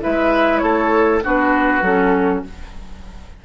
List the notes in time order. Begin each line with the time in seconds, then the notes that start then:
0.00 G#3 E4 B4 E5
0.58 A3 A4 C#5
1.23 B3 D4 F#4 B4
1.82 F#3 C#4 A4